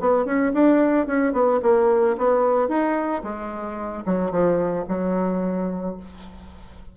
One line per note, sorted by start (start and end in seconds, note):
0.00 0.26 B3
0.26 0.53 C#4
0.54 1.07 D4
1.07 1.33 C#4
1.33 1.60 B3
1.62 2.16 A#3
2.18 2.69 B3
2.69 3.23 D#4
3.23 4.04 G#3
4.06 4.31 F#3
4.31 4.85 F3
4.89 5.97 F#3